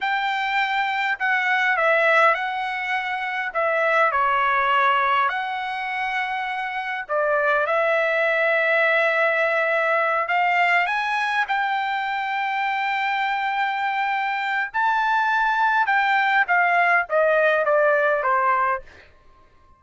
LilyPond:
\new Staff \with { instrumentName = "trumpet" } { \time 4/4 \tempo 4 = 102 g''2 fis''4 e''4 | fis''2 e''4 cis''4~ | cis''4 fis''2. | d''4 e''2.~ |
e''4. f''4 gis''4 g''8~ | g''1~ | g''4 a''2 g''4 | f''4 dis''4 d''4 c''4 | }